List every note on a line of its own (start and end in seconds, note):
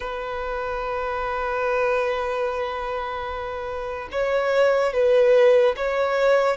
0.00 4.08 B4
4.11 4.93 C#5
4.93 5.75 B4
5.76 6.56 C#5